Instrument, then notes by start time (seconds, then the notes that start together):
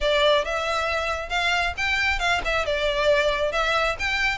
violin
0.00 D5
0.45 E5
1.29 F5
1.77 G5
2.19 F5
2.44 E5
2.65 D5
3.52 E5
3.99 G5